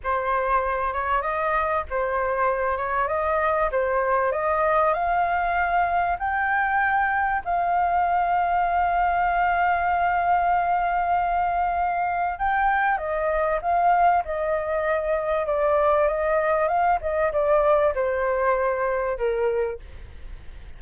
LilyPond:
\new Staff \with { instrumentName = "flute" } { \time 4/4 \tempo 4 = 97 c''4. cis''8 dis''4 c''4~ | c''8 cis''8 dis''4 c''4 dis''4 | f''2 g''2 | f''1~ |
f''1 | g''4 dis''4 f''4 dis''4~ | dis''4 d''4 dis''4 f''8 dis''8 | d''4 c''2 ais'4 | }